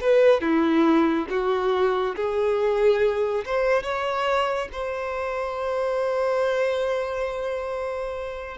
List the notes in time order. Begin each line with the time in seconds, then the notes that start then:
0.00 B4
0.41 E4
1.29 F#4
2.15 G#4
3.45 C5
3.83 C#5
4.72 C5